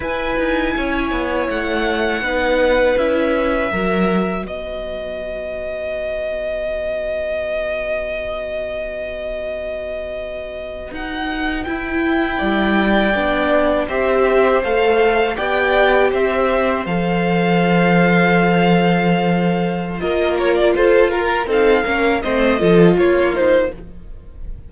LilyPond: <<
  \new Staff \with { instrumentName = "violin" } { \time 4/4 \tempo 4 = 81 gis''2 fis''2 | e''2 dis''2~ | dis''1~ | dis''2~ dis''8. fis''4 g''16~ |
g''2~ g''8. e''4 f''16~ | f''8. g''4 e''4 f''4~ f''16~ | f''2. dis''8 cis''16 d''16 | c''8 ais'8 f''4 dis''4 cis''8 c''8 | }
  \new Staff \with { instrumentName = "violin" } { \time 4/4 b'4 cis''2 b'4~ | b'4 ais'4 b'2~ | b'1~ | b'1~ |
b'8. d''2 c''4~ c''16~ | c''8. d''4 c''2~ c''16~ | c''2. ais'4 | a'8 ais'8 a'8 ais'8 c''8 a'8 f'4 | }
  \new Staff \with { instrumentName = "viola" } { \time 4/4 e'2. dis'4 | e'4 fis'2.~ | fis'1~ | fis'2.~ fis'8. e'16~ |
e'4.~ e'16 d'4 g'4 a'16~ | a'8. g'2 a'4~ a'16~ | a'2. f'4~ | f'4 dis'8 cis'8 c'8 f'4 dis'8 | }
  \new Staff \with { instrumentName = "cello" } { \time 4/4 e'8 dis'8 cis'8 b8 a4 b4 | cis'4 fis4 b2~ | b1~ | b2~ b8. dis'4 e'16~ |
e'8. g4 b4 c'4 a16~ | a8. b4 c'4 f4~ f16~ | f2. ais4 | f'4 c'8 ais8 a8 f8 ais4 | }
>>